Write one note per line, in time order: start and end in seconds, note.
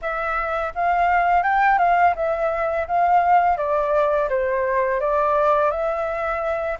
0.01 0.73 E5
0.74 1.43 F5
1.43 1.78 G5
1.78 2.14 F5
2.15 2.87 E5
2.87 3.57 F5
3.57 4.28 D5
4.29 5.00 C5
5.00 5.70 D5
5.70 6.77 E5